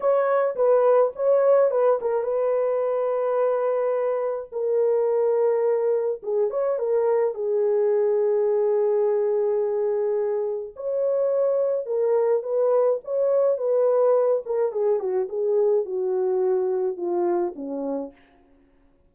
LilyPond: \new Staff \with { instrumentName = "horn" } { \time 4/4 \tempo 4 = 106 cis''4 b'4 cis''4 b'8 ais'8 | b'1 | ais'2. gis'8 cis''8 | ais'4 gis'2.~ |
gis'2. cis''4~ | cis''4 ais'4 b'4 cis''4 | b'4. ais'8 gis'8 fis'8 gis'4 | fis'2 f'4 cis'4 | }